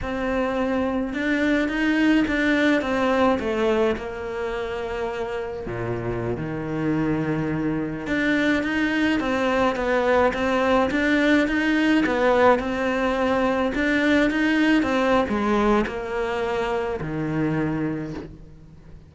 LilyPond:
\new Staff \with { instrumentName = "cello" } { \time 4/4 \tempo 4 = 106 c'2 d'4 dis'4 | d'4 c'4 a4 ais4~ | ais2 ais,4~ ais,16 dis8.~ | dis2~ dis16 d'4 dis'8.~ |
dis'16 c'4 b4 c'4 d'8.~ | d'16 dis'4 b4 c'4.~ c'16~ | c'16 d'4 dis'4 c'8. gis4 | ais2 dis2 | }